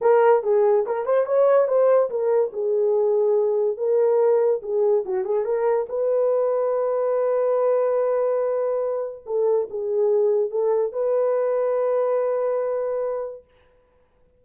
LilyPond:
\new Staff \with { instrumentName = "horn" } { \time 4/4 \tempo 4 = 143 ais'4 gis'4 ais'8 c''8 cis''4 | c''4 ais'4 gis'2~ | gis'4 ais'2 gis'4 | fis'8 gis'8 ais'4 b'2~ |
b'1~ | b'2 a'4 gis'4~ | gis'4 a'4 b'2~ | b'1 | }